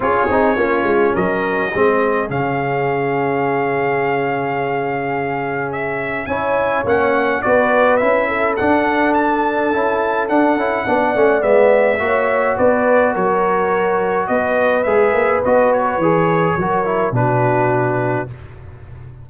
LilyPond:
<<
  \new Staff \with { instrumentName = "trumpet" } { \time 4/4 \tempo 4 = 105 cis''2 dis''2 | f''1~ | f''2 e''4 gis''4 | fis''4 d''4 e''4 fis''4 |
a''2 fis''2 | e''2 d''4 cis''4~ | cis''4 dis''4 e''4 dis''8 cis''8~ | cis''2 b'2 | }
  \new Staff \with { instrumentName = "horn" } { \time 4/4 gis'4 f'4 ais'4 gis'4~ | gis'1~ | gis'2. cis''4~ | cis''4 b'4. a'4.~ |
a'2. d''4~ | d''4 cis''4 b'4 ais'4~ | ais'4 b'2.~ | b'4 ais'4 fis'2 | }
  \new Staff \with { instrumentName = "trombone" } { \time 4/4 f'8 dis'8 cis'2 c'4 | cis'1~ | cis'2. e'4 | cis'4 fis'4 e'4 d'4~ |
d'4 e'4 d'8 e'8 d'8 cis'8 | b4 fis'2.~ | fis'2 gis'4 fis'4 | gis'4 fis'8 e'8 d'2 | }
  \new Staff \with { instrumentName = "tuba" } { \time 4/4 cis'8 c'8 ais8 gis8 fis4 gis4 | cis1~ | cis2. cis'4 | ais4 b4 cis'4 d'4~ |
d'4 cis'4 d'8 cis'8 b8 a8 | gis4 ais4 b4 fis4~ | fis4 b4 gis8 ais8 b4 | e4 fis4 b,2 | }
>>